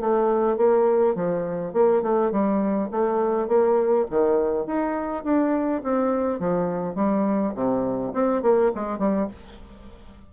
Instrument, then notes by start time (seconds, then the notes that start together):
bassoon
0.00 A3
0.57 A#3
1.15 F3
1.73 A#3
2.02 A3
2.32 G3
2.91 A3
3.48 A#3
4.10 D#3
4.66 D#4
5.24 D4
5.84 C4
6.39 F3
6.95 G3
7.55 C3
8.13 C4
8.42 A#3
8.75 G#3
8.99 G3